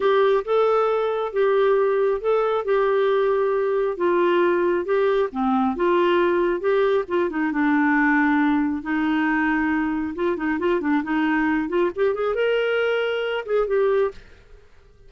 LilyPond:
\new Staff \with { instrumentName = "clarinet" } { \time 4/4 \tempo 4 = 136 g'4 a'2 g'4~ | g'4 a'4 g'2~ | g'4 f'2 g'4 | c'4 f'2 g'4 |
f'8 dis'8 d'2. | dis'2. f'8 dis'8 | f'8 d'8 dis'4. f'8 g'8 gis'8 | ais'2~ ais'8 gis'8 g'4 | }